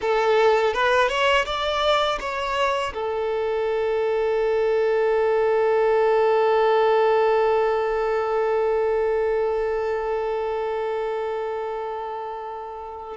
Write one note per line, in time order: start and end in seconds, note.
0.01 0.73 A4
0.73 1.08 B4
1.08 1.45 C#5
1.45 2.19 D5
2.20 2.93 C#5
2.94 13.17 A4